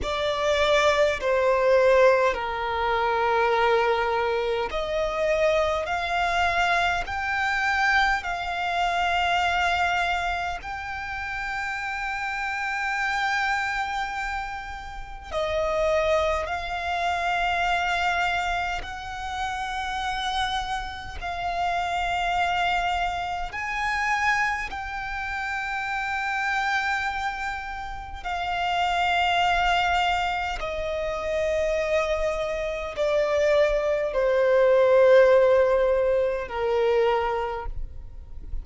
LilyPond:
\new Staff \with { instrumentName = "violin" } { \time 4/4 \tempo 4 = 51 d''4 c''4 ais'2 | dis''4 f''4 g''4 f''4~ | f''4 g''2.~ | g''4 dis''4 f''2 |
fis''2 f''2 | gis''4 g''2. | f''2 dis''2 | d''4 c''2 ais'4 | }